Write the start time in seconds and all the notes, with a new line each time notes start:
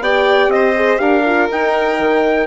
0.00 B3 G4 D5 G5
0.48 C4 D#5
0.55 C5
0.76 G#4
0.98 D4 G4 A#4 F5
1.26 F4
1.50 D#4 G5
1.99 D#3